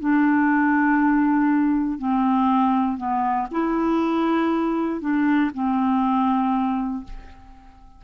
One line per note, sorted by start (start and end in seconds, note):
0.00 1.98 D4
1.98 2.97 C4
2.97 3.47 B3
3.51 5.00 E4
5.00 5.50 D4
5.54 7.04 C4